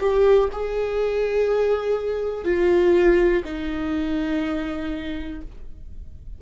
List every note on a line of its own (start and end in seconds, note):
0.00 0.49 G4
0.52 2.45 G#4
2.45 3.43 F4
3.45 5.41 D#4